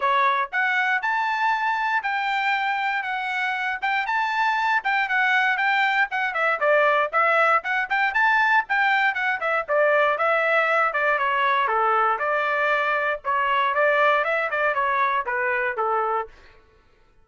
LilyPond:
\new Staff \with { instrumentName = "trumpet" } { \time 4/4 \tempo 4 = 118 cis''4 fis''4 a''2 | g''2 fis''4. g''8 | a''4. g''8 fis''4 g''4 | fis''8 e''8 d''4 e''4 fis''8 g''8 |
a''4 g''4 fis''8 e''8 d''4 | e''4. d''8 cis''4 a'4 | d''2 cis''4 d''4 | e''8 d''8 cis''4 b'4 a'4 | }